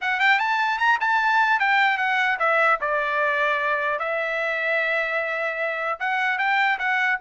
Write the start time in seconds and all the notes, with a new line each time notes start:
0.01 F#5
0.20 G5
0.39 A5
0.78 A#5
1.00 A5
1.59 G5
1.97 F#5
2.39 E5
2.81 D5
3.99 E5
5.99 F#5
6.38 G5
6.78 F#5